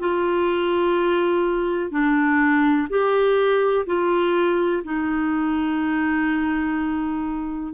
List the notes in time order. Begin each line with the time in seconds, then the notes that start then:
0.00 F4
1.91 D4
2.90 G4
3.87 F4
4.84 D#4